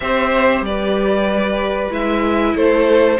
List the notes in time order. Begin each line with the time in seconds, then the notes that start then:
0.00 C4 G4 C5 E5
0.61 G3 B4 D5
1.90 G#3 E4 E5
2.54 A3 A4 C5